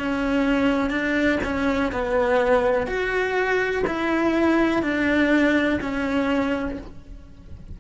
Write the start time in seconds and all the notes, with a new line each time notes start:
0.00 C#4
0.90 D4
1.44 C#4
1.93 B3
2.87 F#4
3.88 E4
4.83 D4
5.82 C#4